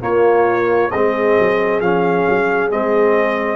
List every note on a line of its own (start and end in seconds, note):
0.00 0.90 A#3
0.00 0.91 A#3
0.00 0.92 F4
0.00 0.90 C#5
0.90 1.37 G#3
0.90 1.81 C4
0.90 3.56 G#4
0.90 1.80 D#5
1.39 1.80 F#3
1.80 2.25 F3
1.80 2.70 C#4
1.80 2.70 F5
2.28 2.71 F#3
2.70 3.56 G#3
2.70 3.56 C4
2.70 3.56 D#5